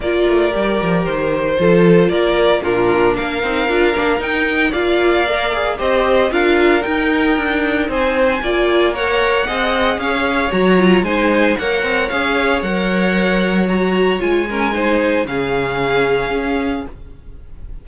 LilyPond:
<<
  \new Staff \with { instrumentName = "violin" } { \time 4/4 \tempo 4 = 114 d''2 c''2 | d''4 ais'4 f''2 | g''4 f''2 dis''4 | f''4 g''2 gis''4~ |
gis''4 fis''2 f''4 | ais''4 gis''4 fis''4 f''4 | fis''2 ais''4 gis''4~ | gis''4 f''2. | }
  \new Staff \with { instrumentName = "violin" } { \time 4/4 ais'2. a'4 | ais'4 f'4 ais'2~ | ais'4 d''2 c''4 | ais'2. c''4 |
d''4 cis''4 dis''4 cis''4~ | cis''4 c''4 cis''2~ | cis''2.~ cis''8 ais'8 | c''4 gis'2. | }
  \new Staff \with { instrumentName = "viola" } { \time 4/4 f'4 g'2 f'4~ | f'4 d'4. dis'8 f'8 d'8 | dis'4 f'4 ais'8 gis'8 g'4 | f'4 dis'2. |
f'4 ais'4 gis'2 | fis'8 f'8 dis'4 ais'4 gis'4 | ais'2 fis'4 f'8 cis'8 | dis'4 cis'2. | }
  \new Staff \with { instrumentName = "cello" } { \time 4/4 ais8 a8 g8 f8 dis4 f4 | ais4 ais,4 ais8 c'8 d'8 ais8 | dis'4 ais2 c'4 | d'4 dis'4 d'4 c'4 |
ais2 c'4 cis'4 | fis4 gis4 ais8 c'8 cis'4 | fis2. gis4~ | gis4 cis2 cis'4 | }
>>